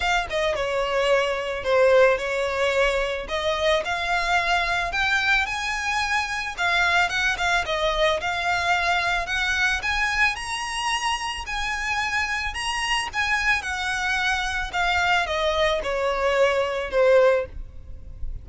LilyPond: \new Staff \with { instrumentName = "violin" } { \time 4/4 \tempo 4 = 110 f''8 dis''8 cis''2 c''4 | cis''2 dis''4 f''4~ | f''4 g''4 gis''2 | f''4 fis''8 f''8 dis''4 f''4~ |
f''4 fis''4 gis''4 ais''4~ | ais''4 gis''2 ais''4 | gis''4 fis''2 f''4 | dis''4 cis''2 c''4 | }